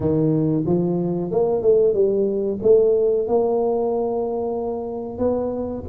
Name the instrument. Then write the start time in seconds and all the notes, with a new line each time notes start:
tuba
0.00 D#3
0.66 F3
1.31 A#3
1.62 A3
1.94 G3
2.62 A3
3.27 A#3
5.18 B3